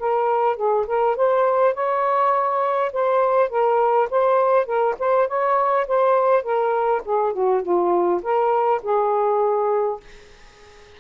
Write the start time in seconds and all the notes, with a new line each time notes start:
0.00 A#4
0.57 G#4
0.87 A#4
1.17 C5
1.75 C#5
2.93 C5
3.50 A#4
4.11 C5
4.66 A#4
4.99 C5
5.28 C#5
5.88 C5
6.43 A#4
7.05 G#4
7.33 F#4
7.63 F4
8.23 A#4
8.83 G#4